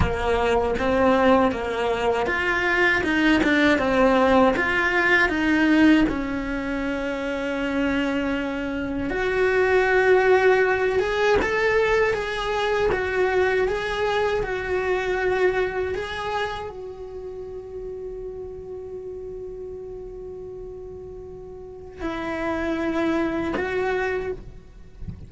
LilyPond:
\new Staff \with { instrumentName = "cello" } { \time 4/4 \tempo 4 = 79 ais4 c'4 ais4 f'4 | dis'8 d'8 c'4 f'4 dis'4 | cis'1 | fis'2~ fis'8 gis'8 a'4 |
gis'4 fis'4 gis'4 fis'4~ | fis'4 gis'4 fis'2~ | fis'1~ | fis'4 e'2 fis'4 | }